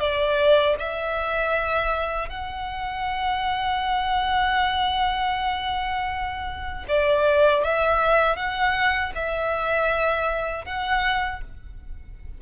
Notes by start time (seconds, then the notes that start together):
0.00 D5
0.79 E5
2.29 F#5
6.88 D5
7.64 E5
8.36 F#5
9.15 E5
10.65 F#5